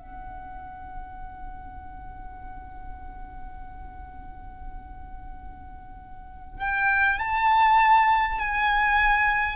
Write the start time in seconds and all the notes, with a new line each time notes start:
0.00 F#5
6.60 G5
7.19 A5
8.39 G#5